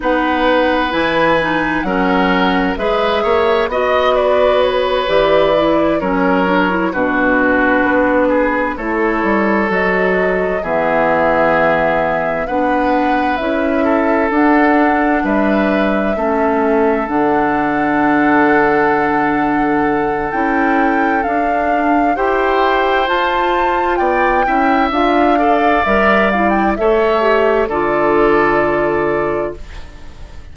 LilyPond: <<
  \new Staff \with { instrumentName = "flute" } { \time 4/4 \tempo 4 = 65 fis''4 gis''4 fis''4 e''4 | dis''8 d''8 cis''8 d''4 cis''4 b'8~ | b'4. cis''4 dis''4 e''8~ | e''4. fis''4 e''4 fis''8~ |
fis''8 e''2 fis''4.~ | fis''2 g''4 f''4 | g''4 a''4 g''4 f''4 | e''8 f''16 g''16 e''4 d''2 | }
  \new Staff \with { instrumentName = "oboe" } { \time 4/4 b'2 ais'4 b'8 cis''8 | dis''8 b'2 ais'4 fis'8~ | fis'4 gis'8 a'2 gis'8~ | gis'4. b'4. a'4~ |
a'8 b'4 a'2~ a'8~ | a'1 | c''2 d''8 e''4 d''8~ | d''4 cis''4 a'2 | }
  \new Staff \with { instrumentName = "clarinet" } { \time 4/4 dis'4 e'8 dis'8 cis'4 gis'4 | fis'4. g'8 e'8 cis'8 d'16 e'16 d'8~ | d'4. e'4 fis'4 b8~ | b4. d'4 e'4 d'8~ |
d'4. cis'4 d'4.~ | d'2 e'4 d'4 | g'4 f'4. e'8 f'8 a'8 | ais'8 e'8 a'8 g'8 f'2 | }
  \new Staff \with { instrumentName = "bassoon" } { \time 4/4 b4 e4 fis4 gis8 ais8 | b4. e4 fis4 b,8~ | b,8 b4 a8 g8 fis4 e8~ | e4. b4 cis'4 d'8~ |
d'8 g4 a4 d4.~ | d2 cis'4 d'4 | e'4 f'4 b8 cis'8 d'4 | g4 a4 d2 | }
>>